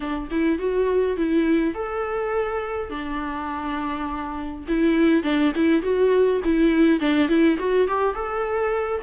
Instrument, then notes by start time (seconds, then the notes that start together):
viola
0.00 D4
0.30 E4
0.58 F#4
1.17 E4
1.74 A4
2.90 D4
4.68 E4
5.23 D4
5.55 E4
5.82 F#4
6.44 E4
7.00 D4
7.28 E4
7.58 F#4
7.87 G4
8.14 A4